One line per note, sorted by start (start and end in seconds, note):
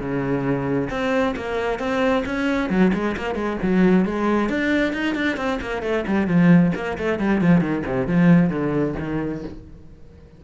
0.00 0.90 C#3
0.90 1.35 C4
1.37 1.79 A#3
1.79 2.24 C4
2.26 2.70 C#4
2.70 2.92 F#3
2.94 3.16 G#3
3.17 3.35 A#3
3.35 3.57 G#3
3.63 4.05 F#3
4.05 4.50 G#3
4.50 4.94 D4
4.94 5.15 D#4
5.15 5.37 D4
5.37 5.59 C4
5.61 5.83 A#3
5.83 6.05 A3
6.07 6.28 G3
6.28 6.72 F3
6.76 6.98 A#3
6.98 7.19 A3
7.19 7.41 G3
7.41 7.61 F3
7.61 7.83 D#3
7.86 8.08 C3
8.08 8.50 F3
8.50 8.95 D3
8.99 9.44 D#3